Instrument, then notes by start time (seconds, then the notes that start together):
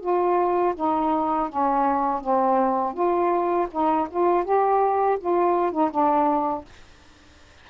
saxophone
0.00 F4
0.75 D#4
1.48 C#4
2.21 C4
2.93 F4
3.71 D#4
4.10 F4
4.44 G4
5.20 F4
5.71 D#4
5.90 D4